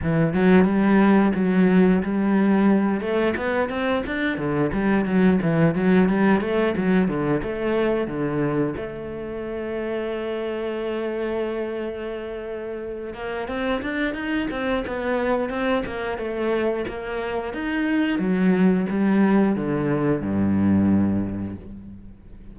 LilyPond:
\new Staff \with { instrumentName = "cello" } { \time 4/4 \tempo 4 = 89 e8 fis8 g4 fis4 g4~ | g8 a8 b8 c'8 d'8 d8 g8 fis8 | e8 fis8 g8 a8 fis8 d8 a4 | d4 a2.~ |
a2.~ a8 ais8 | c'8 d'8 dis'8 c'8 b4 c'8 ais8 | a4 ais4 dis'4 fis4 | g4 d4 g,2 | }